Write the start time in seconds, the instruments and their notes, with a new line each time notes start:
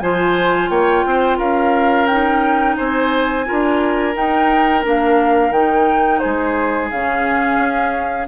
0.00 bassoon F3, clarinet F4, oboe C5, flute G#5
0.70 bassoon A#3, oboe C#5, flute G5
1.06 bassoon C4, oboe C5
1.38 bassoon C#4, oboe A#4, flute F5
2.07 clarinet D#4, flute G5
2.77 bassoon C4, oboe C5, flute G#5
3.46 bassoon D4, clarinet F4, oboe A#4
4.14 clarinet D#4, bassoon D#4, flute G5
4.83 bassoon A#3, clarinet D4, flute F5
5.51 bassoon D#3, clarinet D#4, flute G5
6.19 oboe G#4, flute C5
6.25 bassoon G#3
6.90 bassoon C#3, clarinet C#4, flute F5
7.58 bassoon C#4